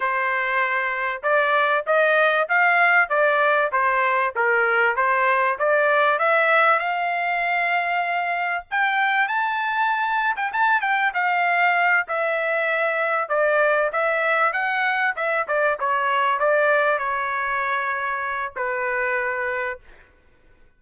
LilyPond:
\new Staff \with { instrumentName = "trumpet" } { \time 4/4 \tempo 4 = 97 c''2 d''4 dis''4 | f''4 d''4 c''4 ais'4 | c''4 d''4 e''4 f''4~ | f''2 g''4 a''4~ |
a''8. g''16 a''8 g''8 f''4. e''8~ | e''4. d''4 e''4 fis''8~ | fis''8 e''8 d''8 cis''4 d''4 cis''8~ | cis''2 b'2 | }